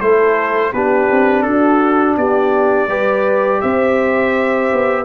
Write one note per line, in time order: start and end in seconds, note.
0.00 0.73 A3
0.00 0.74 E4
0.00 0.73 A4
0.00 0.72 C5
0.73 1.09 B3
0.73 2.89 D4
0.73 1.45 G4
0.73 1.42 B4
1.11 1.47 C4
1.42 2.17 D4
1.42 2.18 F#4
1.42 2.14 A4
2.17 2.87 B3
2.17 2.89 G4
2.17 3.61 D5
2.87 3.60 G3
2.87 5.05 G4
2.87 3.61 B4
3.61 4.72 C4
3.61 5.05 C5
3.61 5.05 E5
4.72 5.05 B3